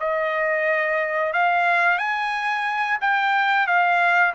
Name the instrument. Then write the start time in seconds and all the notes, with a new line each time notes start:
trumpet
0.00 D#5
1.33 F5
1.98 G#5
3.02 G5
3.67 F5